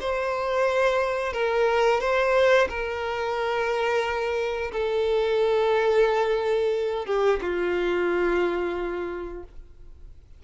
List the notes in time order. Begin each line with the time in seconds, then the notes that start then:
0.00 C5
1.33 A#4
2.00 C5
2.69 A#4
4.72 A4
7.06 G4
7.41 F4